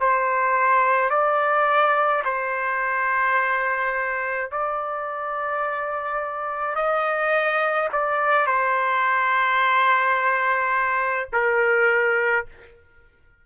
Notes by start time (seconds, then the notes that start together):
0.00 C5
1.09 D5
2.24 C5
4.51 D5
6.75 D#5
7.92 D5
8.46 C5
11.32 A#4